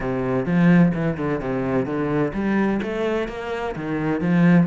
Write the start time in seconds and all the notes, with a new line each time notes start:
0.00 C3
0.45 F3
0.94 E3
1.17 D3
1.40 C3
1.85 D3
2.33 G3
2.82 A3
3.28 A#3
3.75 D#3
4.21 F3